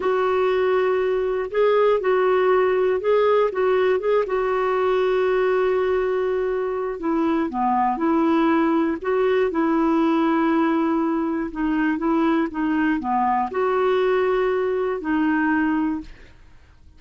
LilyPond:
\new Staff \with { instrumentName = "clarinet" } { \time 4/4 \tempo 4 = 120 fis'2. gis'4 | fis'2 gis'4 fis'4 | gis'8 fis'2.~ fis'8~ | fis'2 e'4 b4 |
e'2 fis'4 e'4~ | e'2. dis'4 | e'4 dis'4 b4 fis'4~ | fis'2 dis'2 | }